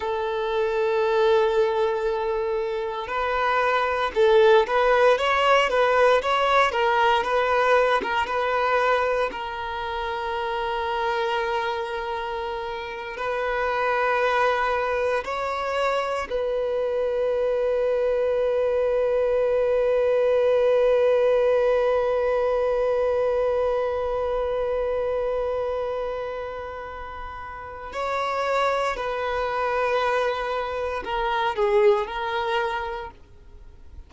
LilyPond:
\new Staff \with { instrumentName = "violin" } { \time 4/4 \tempo 4 = 58 a'2. b'4 | a'8 b'8 cis''8 b'8 cis''8 ais'8 b'8. ais'16 | b'4 ais'2.~ | ais'8. b'2 cis''4 b'16~ |
b'1~ | b'1~ | b'2. cis''4 | b'2 ais'8 gis'8 ais'4 | }